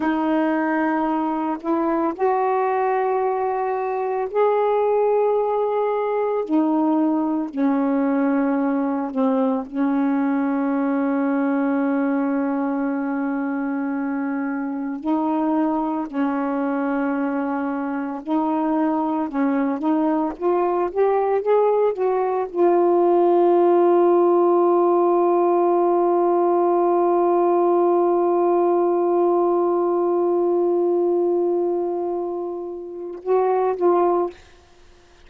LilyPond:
\new Staff \with { instrumentName = "saxophone" } { \time 4/4 \tempo 4 = 56 dis'4. e'8 fis'2 | gis'2 dis'4 cis'4~ | cis'8 c'8 cis'2.~ | cis'2 dis'4 cis'4~ |
cis'4 dis'4 cis'8 dis'8 f'8 g'8 | gis'8 fis'8 f'2.~ | f'1~ | f'2. fis'8 f'8 | }